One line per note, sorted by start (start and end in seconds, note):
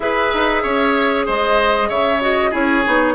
0.00 0.27 E4
0.00 2.21 G#4
0.00 0.62 B4
0.00 1.25 E5
0.33 0.64 D#4
0.62 1.27 C#4
0.62 1.26 C#5
1.26 1.89 G#3
1.26 1.88 C5
1.26 1.89 D#5
1.88 2.52 C#3
1.88 2.50 C#5
1.88 2.21 E5
2.21 2.51 F#4
2.21 2.53 D#5
2.50 2.84 C#4
2.50 2.83 E4
2.50 3.13 G#4
2.50 3.15 C#5
2.85 3.15 B3
2.85 3.15 D#4